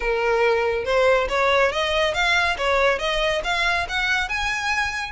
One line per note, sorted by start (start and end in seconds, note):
0.00 0.85 A#4
0.85 1.27 C5
1.29 1.71 C#5
1.72 2.14 D#5
2.14 2.56 F5
2.57 2.99 C#5
2.99 3.41 D#5
3.44 3.86 F5
3.88 4.28 F#5
4.28 5.12 G#5